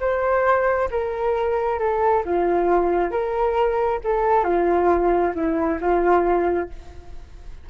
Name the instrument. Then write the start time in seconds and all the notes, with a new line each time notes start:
flute
0.00 C5
0.91 A#4
1.80 A4
2.25 F4
3.11 A#4
4.04 A4
4.44 F4
5.35 E4
5.81 F4